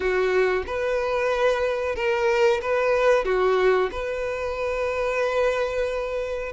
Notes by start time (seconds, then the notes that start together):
0.00 F#4
0.66 B4
1.95 A#4
2.61 B4
3.24 F#4
3.91 B4